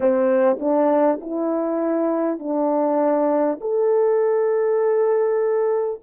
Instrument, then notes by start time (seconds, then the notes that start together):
horn
0.00 C4
0.59 D4
1.21 E4
2.39 D4
3.61 A4